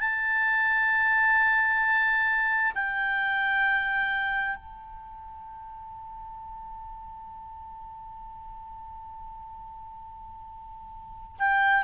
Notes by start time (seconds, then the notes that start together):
0.00 A5
2.75 G5
4.56 A5
11.39 G5